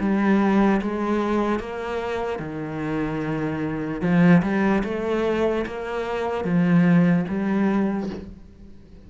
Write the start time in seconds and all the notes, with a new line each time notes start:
0.00 G3
0.82 G#3
1.60 A#3
2.40 D#3
4.02 F3
4.43 G3
4.85 A3
5.66 A#3
6.45 F3
7.29 G3